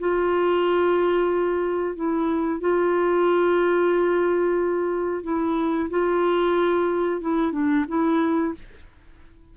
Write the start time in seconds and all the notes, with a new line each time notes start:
0.00 F4
1.96 E4
2.61 F4
5.24 E4
5.90 F4
7.22 E4
7.53 D4
7.89 E4